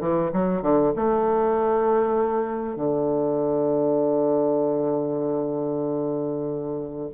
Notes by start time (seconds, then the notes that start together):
0.00 E3
0.32 F#3
0.62 D3
0.96 A3
2.76 D3